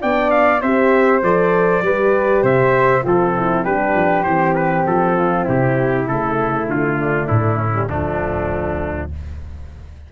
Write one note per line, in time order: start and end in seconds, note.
0.00 0.62 B3
0.00 0.61 D4
0.00 0.61 D5
0.00 0.30 G5
0.30 0.61 F5
0.61 1.22 C4
0.61 1.22 G4
0.61 1.82 C5
0.61 1.22 E5
1.22 1.81 F3
1.22 1.83 A4
1.22 2.44 D5
1.81 2.42 G3
1.81 3.02 G4
1.81 2.42 B4
2.42 3.03 C3
2.42 3.03 C5
2.42 3.05 E5
3.02 3.64 F3
3.02 3.64 C4
3.02 3.32 F4
3.02 3.64 A4
3.36 3.66 E4
3.64 3.95 G3
3.64 4.24 D4
3.64 5.15 G4
3.64 4.23 B4
3.95 4.25 F3
4.23 4.85 E3
4.23 6.06 C4
4.23 4.53 C5
4.55 4.85 B4
4.86 5.47 F3
4.86 5.46 A4
5.17 5.44 F4
5.44 6.07 C3
5.44 6.96 E4
5.44 6.07 G4
6.07 6.67 C#3
6.07 7.72 A3
6.07 6.68 A4
6.67 7.27 D3
6.67 7.27 F4
6.99 7.57 D4
7.27 7.90 A2
7.27 7.87 E4
7.57 7.87 C#4
7.72 7.88 G3
7.89 9.11 D2
7.89 9.12 F3
7.89 9.11 A3
7.89 9.10 D4